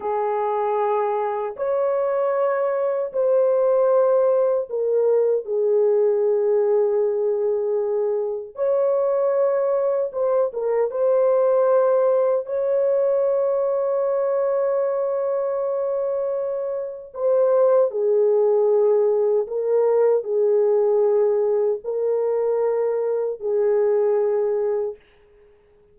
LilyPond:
\new Staff \with { instrumentName = "horn" } { \time 4/4 \tempo 4 = 77 gis'2 cis''2 | c''2 ais'4 gis'4~ | gis'2. cis''4~ | cis''4 c''8 ais'8 c''2 |
cis''1~ | cis''2 c''4 gis'4~ | gis'4 ais'4 gis'2 | ais'2 gis'2 | }